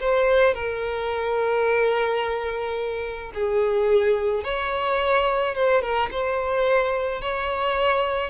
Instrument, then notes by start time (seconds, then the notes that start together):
violin
0.00 C5
0.54 A#4
3.34 G#4
4.44 C#5
5.55 C5
5.82 A#4
6.11 C5
7.21 C#5